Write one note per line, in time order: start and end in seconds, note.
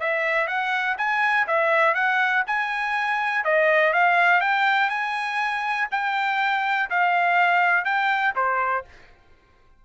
0.00 0.47 E5
0.47 0.96 F#5
0.97 1.47 G#5
1.47 1.94 E5
1.94 2.43 F#5
2.47 3.44 G#5
3.44 3.93 D#5
3.93 4.41 F5
4.41 4.90 G5
4.90 5.88 G#5
5.91 6.89 G5
6.90 7.85 F5
7.85 8.34 G5
8.36 8.85 C5